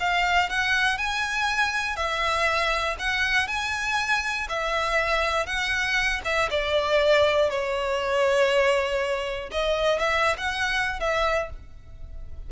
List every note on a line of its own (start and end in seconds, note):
0.00 0.50 F5
0.50 0.98 F#5
0.98 1.96 G#5
1.96 2.96 E5
2.99 3.48 F#5
3.48 4.48 G#5
4.49 5.46 E5
5.46 6.21 F#5
6.25 6.50 E5
6.50 7.50 D5
7.50 9.50 C#5
9.52 9.99 D#5
9.99 10.37 E5
10.38 11.00 F#5
11.00 11.50 E5